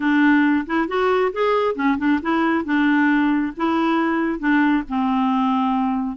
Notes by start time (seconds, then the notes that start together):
0.00 D4
0.66 E4
0.87 F#4
1.32 G#4
1.75 C#4
1.98 D4
2.22 E4
2.64 D4
3.56 E4
4.39 D4
4.88 C4